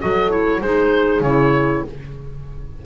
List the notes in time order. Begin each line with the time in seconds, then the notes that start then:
0.00 F#3 F#4 A4 D#5
0.30 E4 C#5
0.61 G#3 D#4 G#4 C5
1.21 C#3 E4 C#5